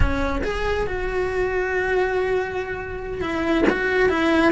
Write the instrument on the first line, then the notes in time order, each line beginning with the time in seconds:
cello
0.00 C#4
0.43 G#4
0.86 F#4
3.21 E4
3.69 F#4
4.09 E4